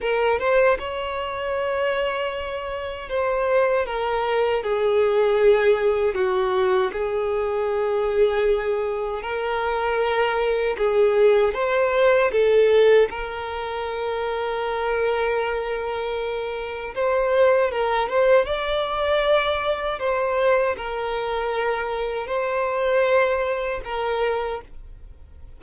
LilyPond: \new Staff \with { instrumentName = "violin" } { \time 4/4 \tempo 4 = 78 ais'8 c''8 cis''2. | c''4 ais'4 gis'2 | fis'4 gis'2. | ais'2 gis'4 c''4 |
a'4 ais'2.~ | ais'2 c''4 ais'8 c''8 | d''2 c''4 ais'4~ | ais'4 c''2 ais'4 | }